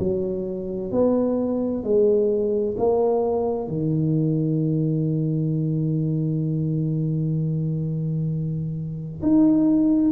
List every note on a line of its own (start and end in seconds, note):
0.00 0.92 F#3
0.92 1.84 B3
1.84 2.76 G#3
2.78 3.68 A#3
3.68 9.22 D#3
9.23 10.12 D#4